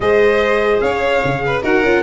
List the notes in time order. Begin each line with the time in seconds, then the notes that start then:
0.00 G#3 G#4 C5 D#5
0.80 C#4 C#5 F5
1.24 C#3
1.45 B4
1.62 D#4 F#4 A#4 F#5
1.82 C#4 F4